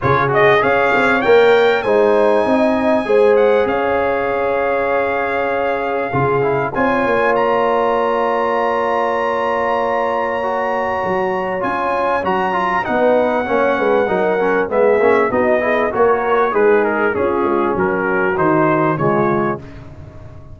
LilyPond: <<
  \new Staff \with { instrumentName = "trumpet" } { \time 4/4 \tempo 4 = 98 cis''8 dis''8 f''4 g''4 gis''4~ | gis''4. fis''8 f''2~ | f''2. gis''4 | ais''1~ |
ais''2. gis''4 | ais''4 fis''2. | e''4 dis''4 cis''4 b'8 ais'8 | gis'4 ais'4 c''4 cis''4 | }
  \new Staff \with { instrumentName = "horn" } { \time 4/4 gis'4 cis''2 c''4 | dis''4 c''4 cis''2~ | cis''2 gis'4 cis''4~ | cis''1~ |
cis''1~ | cis''4 b'4 cis''8 b'8 ais'4 | gis'4 fis'8 gis'8 ais'4 dis'4 | f'4 fis'2 f'4 | }
  \new Staff \with { instrumentName = "trombone" } { \time 4/4 f'8 fis'8 gis'4 ais'4 dis'4~ | dis'4 gis'2.~ | gis'2 f'8 e'8 f'4~ | f'1~ |
f'4 fis'2 f'4 | fis'8 f'8 dis'4 cis'4 dis'8 cis'8 | b8 cis'8 dis'8 e'8 fis'4 gis'4 | cis'2 dis'4 gis4 | }
  \new Staff \with { instrumentName = "tuba" } { \time 4/4 cis4 cis'8 c'8 ais4 gis4 | c'4 gis4 cis'2~ | cis'2 cis4 c'8 ais8~ | ais1~ |
ais2 fis4 cis'4 | fis4 b4 ais8 gis8 fis4 | gis8 ais8 b4 ais4 gis4 | cis'8 gis8 fis4 dis4 cis4 | }
>>